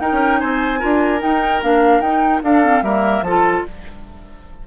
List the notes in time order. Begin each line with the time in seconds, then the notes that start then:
0.00 D#4 A#4 G5
0.12 C#4
0.40 C4 C5 G#5
0.79 D4 F4 A#4
1.19 D#4 G5
1.62 A#3 D4 F5
2.00 D#4 G5
2.43 D4 A4 F5
2.64 C4
2.82 G3 A#3 A#4 E5
3.22 F3 F4 A4 A5